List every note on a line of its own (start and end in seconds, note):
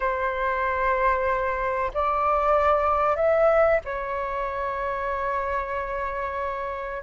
0.00 1.91 C5
1.94 3.16 D5
3.16 3.79 E5
3.85 7.02 C#5